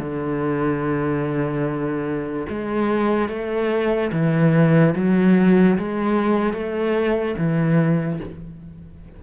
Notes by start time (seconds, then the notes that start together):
0.00 D3
2.49 G#3
3.29 A3
4.12 E3
4.95 F#3
5.78 G#3
6.53 A3
7.38 E3